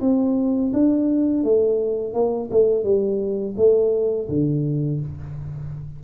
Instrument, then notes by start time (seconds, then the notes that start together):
tuba
0.00 C4
0.73 D4
1.43 A3
2.13 A#3
2.50 A3
2.83 G3
3.56 A3
4.28 D3